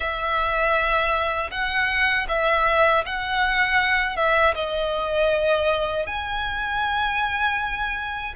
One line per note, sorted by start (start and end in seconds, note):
0.00 1.50 E5
1.51 2.26 F#5
2.28 3.04 E5
3.05 4.16 F#5
4.16 4.54 E5
4.54 6.06 D#5
6.06 8.34 G#5